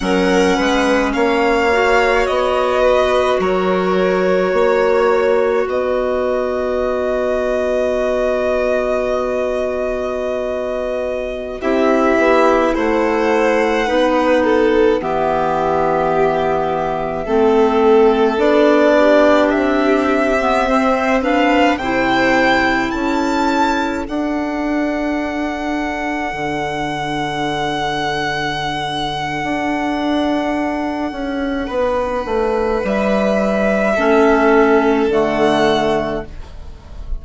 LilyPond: <<
  \new Staff \with { instrumentName = "violin" } { \time 4/4 \tempo 4 = 53 fis''4 f''4 dis''4 cis''4~ | cis''4 dis''2.~ | dis''2~ dis''16 e''4 fis''8.~ | fis''4~ fis''16 e''2~ e''8.~ |
e''16 d''4 e''4. f''8 g''8.~ | g''16 a''4 fis''2~ fis''8.~ | fis''1~ | fis''4 e''2 fis''4 | }
  \new Staff \with { instrumentName = "violin" } { \time 4/4 ais'8 b'8 cis''4. b'8 ais'4 | cis''4 b'2.~ | b'2~ b'16 g'4 c''8.~ | c''16 b'8 a'8 g'2 a'8.~ |
a'8. g'4. c''8 b'8 c''8.~ | c''16 a'2.~ a'8.~ | a'1 | b'2 a'2 | }
  \new Staff \with { instrumentName = "clarinet" } { \time 4/4 cis'4. fis'2~ fis'8~ | fis'1~ | fis'2~ fis'16 e'4.~ e'16~ | e'16 dis'4 b2 c'8.~ |
c'16 d'4.~ d'16 b16 c'8 d'8 e'8.~ | e'4~ e'16 d'2~ d'8.~ | d'1~ | d'2 cis'4 a4 | }
  \new Staff \with { instrumentName = "bassoon" } { \time 4/4 fis8 gis8 ais4 b4 fis4 | ais4 b2.~ | b2~ b16 c'8 b8 a8.~ | a16 b4 e2 a8.~ |
a16 b4 c'2 c8.~ | c16 cis'4 d'2 d8.~ | d2 d'4. cis'8 | b8 a8 g4 a4 d4 | }
>>